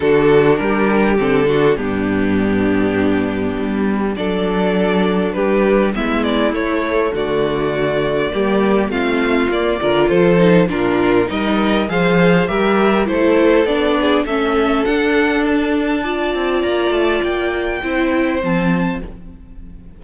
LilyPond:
<<
  \new Staff \with { instrumentName = "violin" } { \time 4/4 \tempo 4 = 101 a'4 ais'4 a'4 g'4~ | g'2. d''4~ | d''4 b'4 e''8 d''8 cis''4 | d''2. f''4 |
d''4 c''4 ais'4 dis''4 | f''4 e''4 c''4 d''4 | e''4 fis''4 a''2 | ais''8 a''8 g''2 a''4 | }
  \new Staff \with { instrumentName = "violin" } { \time 4/4 fis'4 g'4. fis'8 d'4~ | d'2. a'4~ | a'4 g'4 e'2 | fis'2 g'4 f'4~ |
f'8 ais'8 a'4 f'4 ais'4 | c''4 ais'4 a'4. gis'8 | a'2. d''4~ | d''2 c''2 | }
  \new Staff \with { instrumentName = "viola" } { \time 4/4 d'2 c'8 d'8 b4~ | b2. d'4~ | d'2 b4 a4~ | a2 ais4 c'4 |
ais8 f'4 dis'8 d'4 dis'4 | gis'4 g'4 e'4 d'4 | cis'4 d'2 f'4~ | f'2 e'4 c'4 | }
  \new Staff \with { instrumentName = "cello" } { \time 4/4 d4 g4 d4 g,4~ | g,2 g4 fis4~ | fis4 g4 gis4 a4 | d2 g4 a4 |
ais8 d8 f4 ais,4 g4 | f4 g4 a4 b4 | a4 d'2~ d'8 c'8 | ais8 a8 ais4 c'4 f4 | }
>>